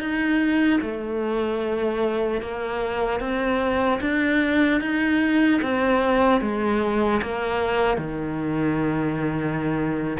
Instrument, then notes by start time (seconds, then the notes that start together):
cello
0.00 D#4
0.81 A3
2.41 A#3
3.20 C4
4.01 D4
4.81 D#4
5.62 C4
6.41 G#3
7.22 A#3
7.97 D#3